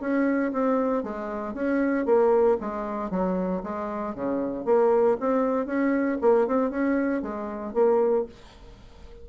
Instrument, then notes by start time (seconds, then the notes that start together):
bassoon
0.00 C#4
0.52 C4
1.03 G#3
1.54 C#4
2.05 A#3
2.60 G#3
3.10 F#3
3.63 G#3
4.14 C#3
4.65 A#3
5.20 C4
5.66 C#4
6.21 A#3
6.47 C4
6.70 C#4
7.22 G#3
7.74 A#3